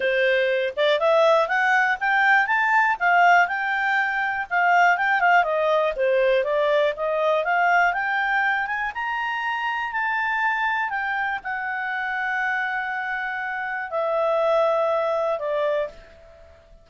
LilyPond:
\new Staff \with { instrumentName = "clarinet" } { \time 4/4 \tempo 4 = 121 c''4. d''8 e''4 fis''4 | g''4 a''4 f''4 g''4~ | g''4 f''4 g''8 f''8 dis''4 | c''4 d''4 dis''4 f''4 |
g''4. gis''8 ais''2 | a''2 g''4 fis''4~ | fis''1 | e''2. d''4 | }